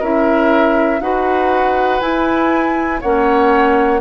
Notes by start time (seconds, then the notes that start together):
0.00 C#4 E4 A#4 E5
1.00 D#4 F#4 B4 F#5
2.01 E4 G#5
3.01 A#3 C#4 C#5 F#5